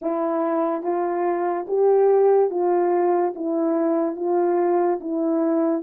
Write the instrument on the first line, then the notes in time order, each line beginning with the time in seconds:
horn
0.02 E4
0.83 F4
1.67 G4
2.50 F4
3.35 E4
4.16 F4
5.00 E4